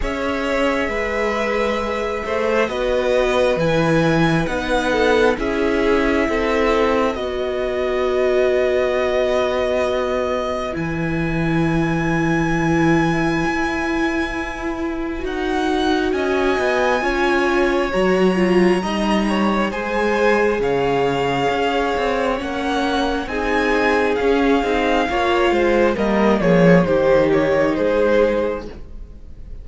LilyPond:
<<
  \new Staff \with { instrumentName = "violin" } { \time 4/4 \tempo 4 = 67 e''2. dis''4 | gis''4 fis''4 e''2 | dis''1 | gis''1~ |
gis''4 fis''4 gis''2 | ais''2 gis''4 f''4~ | f''4 fis''4 gis''4 f''4~ | f''4 dis''8 cis''8 c''8 cis''8 c''4 | }
  \new Staff \with { instrumentName = "violin" } { \time 4/4 cis''4 b'4. c''8 b'4~ | b'4. a'8 gis'4 a'4 | b'1~ | b'1~ |
b'2 dis''4 cis''4~ | cis''4 dis''8 cis''8 c''4 cis''4~ | cis''2 gis'2 | cis''8 c''8 ais'8 gis'8 g'4 gis'4 | }
  \new Staff \with { instrumentName = "viola" } { \time 4/4 gis'2. fis'4 | e'4 dis'4 e'2 | fis'1 | e'1~ |
e'4 fis'2 f'4 | fis'8 f'8 dis'4 gis'2~ | gis'4 cis'4 dis'4 cis'8 dis'8 | f'4 ais4 dis'2 | }
  \new Staff \with { instrumentName = "cello" } { \time 4/4 cis'4 gis4. a8 b4 | e4 b4 cis'4 c'4 | b1 | e2. e'4~ |
e'4 dis'4 cis'8 b8 cis'4 | fis4 g4 gis4 cis4 | cis'8 c'8 ais4 c'4 cis'8 c'8 | ais8 gis8 g8 f8 dis4 gis4 | }
>>